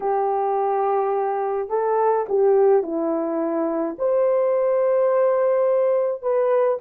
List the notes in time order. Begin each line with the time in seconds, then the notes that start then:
0.00 G4
1.69 A4
2.28 G4
2.83 E4
3.98 C5
6.22 B4